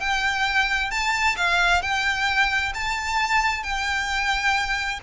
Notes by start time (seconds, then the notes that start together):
0.00 G5
0.91 A5
1.37 F5
1.82 G5
2.74 A5
3.63 G5